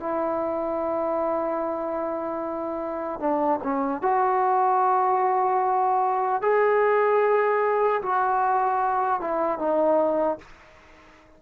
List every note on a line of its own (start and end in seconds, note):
0.00 3.20 E4
3.20 3.60 D4
3.63 4.02 C#4
4.02 6.42 F#4
6.42 8.02 G#4
8.03 9.21 F#4
9.21 9.59 E4
9.59 10.39 D#4